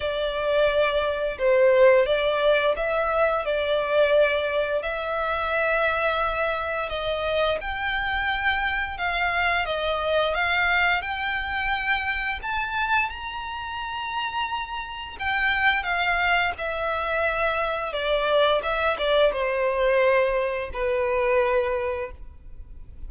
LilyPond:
\new Staff \with { instrumentName = "violin" } { \time 4/4 \tempo 4 = 87 d''2 c''4 d''4 | e''4 d''2 e''4~ | e''2 dis''4 g''4~ | g''4 f''4 dis''4 f''4 |
g''2 a''4 ais''4~ | ais''2 g''4 f''4 | e''2 d''4 e''8 d''8 | c''2 b'2 | }